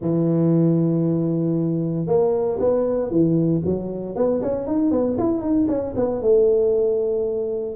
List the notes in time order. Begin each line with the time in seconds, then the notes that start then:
0.01 E3
2.06 A#3
2.59 B3
3.10 E3
3.65 F#3
4.15 B3
4.42 C#4
4.66 D#4
4.91 B3
5.17 E4
5.41 D#4
5.68 C#4
5.96 B3
6.21 A3